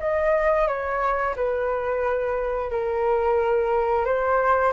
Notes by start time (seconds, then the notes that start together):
0.00 D#5
0.67 C#5
1.36 B4
2.71 A#4
4.05 C5